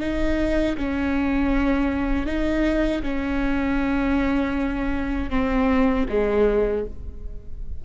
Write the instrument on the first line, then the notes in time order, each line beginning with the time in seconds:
viola
0.00 D#4
0.77 C#4
2.26 D#4
3.02 C#4
5.30 C4
6.09 G#3